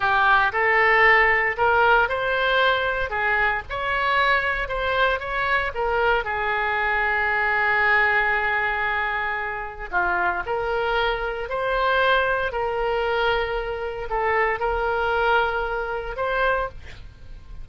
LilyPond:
\new Staff \with { instrumentName = "oboe" } { \time 4/4 \tempo 4 = 115 g'4 a'2 ais'4 | c''2 gis'4 cis''4~ | cis''4 c''4 cis''4 ais'4 | gis'1~ |
gis'2. f'4 | ais'2 c''2 | ais'2. a'4 | ais'2. c''4 | }